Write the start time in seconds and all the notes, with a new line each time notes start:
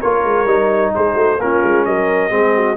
0.00 A#3 F4 A#4 C#5
0.24 G#3
0.46 G3 D#4
0.95 G#3 G#4 C5
1.15 A3 F#4
1.39 A#3 C#4 F4 A#4
1.63 G#3
1.85 F#3 A#4 D#5
2.30 G#3 C4 G#4
2.56 F#4